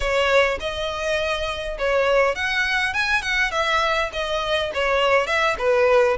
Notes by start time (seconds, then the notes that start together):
0.00 C#5
0.60 D#5
1.78 C#5
2.35 F#5
2.93 G#5
3.21 F#5
3.51 E5
4.13 D#5
4.74 C#5
5.26 E5
5.58 B4